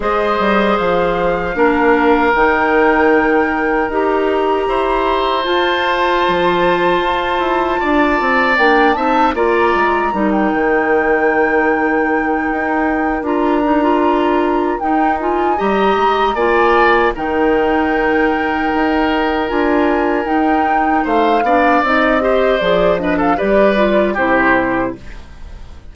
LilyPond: <<
  \new Staff \with { instrumentName = "flute" } { \time 4/4 \tempo 4 = 77 dis''4 f''2 g''4~ | g''4 ais''2 a''4~ | a''2. g''8 a''8 | ais''4~ ais''16 g''2~ g''8.~ |
g''4 ais''2 g''8 gis''8 | ais''4 gis''4 g''2~ | g''4 gis''4 g''4 f''4 | dis''4 d''8 dis''16 f''16 d''4 c''4 | }
  \new Staff \with { instrumentName = "oboe" } { \time 4/4 c''2 ais'2~ | ais'2 c''2~ | c''2 d''4. e''8 | d''4 ais'2.~ |
ais'1 | dis''4 d''4 ais'2~ | ais'2. c''8 d''8~ | d''8 c''4 b'16 a'16 b'4 g'4 | }
  \new Staff \with { instrumentName = "clarinet" } { \time 4/4 gis'2 d'4 dis'4~ | dis'4 g'2 f'4~ | f'2. d'8 dis'8 | f'4 dis'2.~ |
dis'4 f'8 dis'16 f'4~ f'16 dis'8 f'8 | g'4 f'4 dis'2~ | dis'4 f'4 dis'4. d'8 | dis'8 g'8 gis'8 d'8 g'8 f'8 e'4 | }
  \new Staff \with { instrumentName = "bassoon" } { \time 4/4 gis8 g8 f4 ais4 dis4~ | dis4 dis'4 e'4 f'4 | f4 f'8 e'8 d'8 c'8 ais8 c'8 | ais8 gis8 g8 dis2~ dis8 |
dis'4 d'2 dis'4 | g8 gis8 ais4 dis2 | dis'4 d'4 dis'4 a8 b8 | c'4 f4 g4 c4 | }
>>